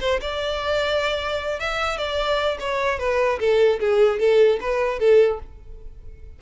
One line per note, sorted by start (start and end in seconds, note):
0.00 0.20 C5
0.21 1.59 D5
1.59 1.97 E5
1.97 2.57 D5
2.59 2.99 C#5
2.99 3.39 B4
3.39 3.79 A4
3.79 4.19 G#4
4.19 4.59 A4
4.60 4.99 B4
4.99 5.39 A4